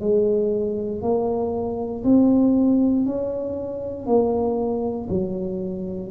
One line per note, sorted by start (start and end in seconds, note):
0.00 1.01 G#3
1.01 2.03 A#3
2.04 3.06 C4
3.06 4.06 C#4
4.06 5.08 A#3
5.09 6.10 F#3